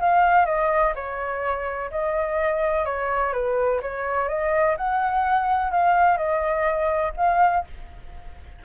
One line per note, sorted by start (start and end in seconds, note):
0.00 0.46 F5
0.46 0.94 D#5
0.95 1.90 C#5
1.91 2.85 D#5
2.85 3.33 C#5
3.33 3.80 B4
3.82 4.29 C#5
4.29 4.76 D#5
4.77 5.71 F#5
5.71 6.17 F5
6.17 7.12 D#5
7.17 7.65 F5